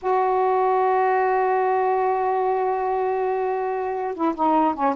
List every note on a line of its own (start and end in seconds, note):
0.01 4.14 F#4
4.14 4.34 E4
4.35 4.74 D#4
4.74 4.94 C#4